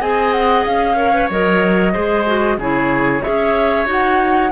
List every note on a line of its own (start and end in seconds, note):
0.00 0.66 C4
0.00 0.96 G#4
0.00 0.97 D#5
0.00 0.33 G#5
0.33 0.65 F#5
0.65 1.30 C#4
0.65 1.30 F5
0.96 1.12 A#4
0.96 1.93 C#5
1.14 1.30 B4
1.30 1.95 F#3
1.30 1.94 A#4
1.30 2.60 D#5
1.93 2.58 G#3
1.93 2.26 G#4
1.93 2.58 C5
2.26 2.59 F#4
2.58 3.22 C#3
2.58 3.22 E4
2.58 3.23 G#4
2.58 3.23 C#5
3.22 3.86 G#4
3.22 4.52 C#5
3.22 3.87 E5
3.28 3.87 C#4
3.86 4.51 D#4
3.86 4.51 F#4
3.86 4.53 F#5